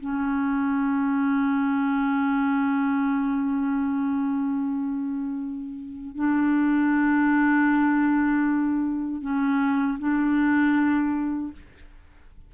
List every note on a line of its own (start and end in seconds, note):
0.00 6.15 C#4
6.15 9.22 D4
9.22 9.99 C#4
9.99 11.53 D4